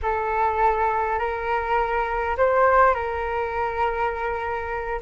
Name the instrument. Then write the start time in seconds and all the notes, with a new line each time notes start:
flute
0.02 A4
1.18 A#4
2.37 C5
2.94 A#4